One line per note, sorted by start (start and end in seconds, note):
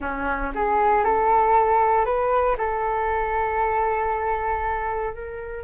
0.00 0.52 C#4
0.54 1.04 G#4
1.04 2.05 A4
2.05 2.56 B4
2.57 5.13 A4
5.13 5.64 A#4